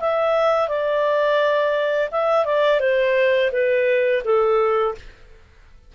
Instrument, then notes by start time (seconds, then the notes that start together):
clarinet
0.00 E5
0.69 D5
2.11 E5
2.45 D5
2.80 C5
3.52 B4
4.24 A4